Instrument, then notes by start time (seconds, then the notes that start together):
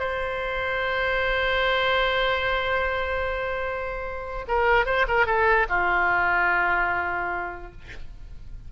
oboe
0.00 C5
4.49 A#4
4.86 C5
5.08 A#4
5.26 A4
5.69 F4